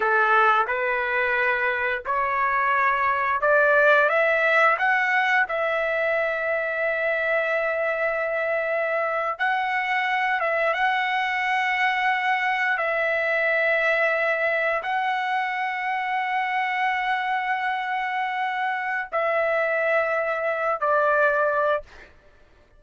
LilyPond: \new Staff \with { instrumentName = "trumpet" } { \time 4/4 \tempo 4 = 88 a'4 b'2 cis''4~ | cis''4 d''4 e''4 fis''4 | e''1~ | e''4.~ e''16 fis''4. e''8 fis''16~ |
fis''2~ fis''8. e''4~ e''16~ | e''4.~ e''16 fis''2~ fis''16~ | fis''1 | e''2~ e''8 d''4. | }